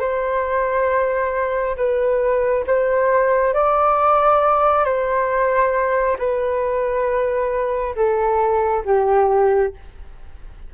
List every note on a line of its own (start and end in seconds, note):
0.00 1.76 C5
1.77 2.65 B4
2.67 3.54 C5
3.54 4.85 D5
4.85 6.17 C5
6.19 7.96 B4
7.96 8.84 A4
8.86 9.74 G4